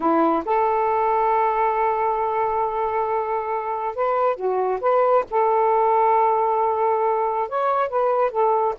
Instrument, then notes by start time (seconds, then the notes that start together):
saxophone
0.00 E4
0.45 A4
3.95 B4
4.35 F#4
4.81 B4
5.30 A4
7.49 C#5
7.89 B4
8.31 A4